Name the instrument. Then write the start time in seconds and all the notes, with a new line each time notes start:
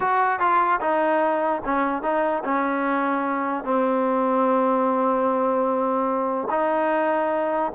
trombone
0.00 F#4
0.39 F4
0.81 D#4
1.65 C#4
2.02 D#4
2.44 C#4
3.64 C4
6.50 D#4